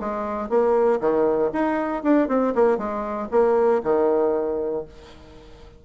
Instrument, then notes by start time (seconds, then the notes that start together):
bassoon
0.00 G#3
0.49 A#3
1.01 D#3
1.53 D#4
2.04 D4
2.28 C4
2.55 A#3
2.78 G#3
3.31 A#3
3.83 D#3